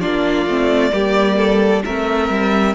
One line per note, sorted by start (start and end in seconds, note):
0.00 0.46 A#3
0.00 0.47 D4
0.00 0.91 F4
0.00 1.82 D5
0.46 0.91 A3
0.46 0.91 C4
0.91 1.83 G3
0.91 1.82 A#3
0.91 1.37 G4
1.37 1.82 A4
1.84 2.29 A3
1.84 2.75 C4
1.84 2.75 A#4
1.84 2.75 E5
2.29 2.74 G3